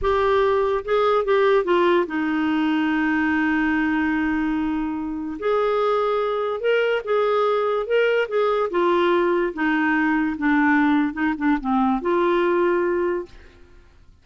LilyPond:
\new Staff \with { instrumentName = "clarinet" } { \time 4/4 \tempo 4 = 145 g'2 gis'4 g'4 | f'4 dis'2.~ | dis'1~ | dis'4 gis'2. |
ais'4 gis'2 ais'4 | gis'4 f'2 dis'4~ | dis'4 d'2 dis'8 d'8 | c'4 f'2. | }